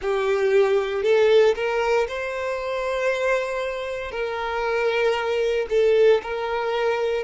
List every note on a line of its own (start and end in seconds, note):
0.01 1.03 G4
1.03 1.54 A4
1.55 2.07 A#4
2.08 4.11 C5
4.11 5.66 A#4
5.69 6.21 A4
6.23 7.23 A#4